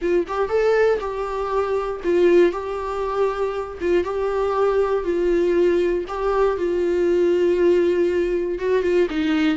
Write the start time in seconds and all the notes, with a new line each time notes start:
0.01 F4
0.27 G4
0.49 A4
0.99 G4
2.04 F4
2.52 G4
3.80 F4
4.04 G4
5.04 F4
6.08 G4
6.57 F4
8.59 F#4
8.82 F4
9.10 D#4